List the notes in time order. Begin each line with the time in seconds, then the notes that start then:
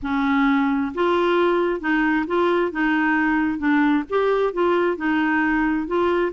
0.02 C#4
0.94 F4
1.80 D#4
2.26 F4
2.71 D#4
3.58 D4
4.09 G4
4.53 F4
4.96 D#4
5.87 F4